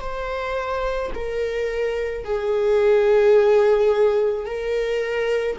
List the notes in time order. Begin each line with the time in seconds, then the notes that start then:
0.00 C5
1.15 A#4
2.25 G#4
4.46 A#4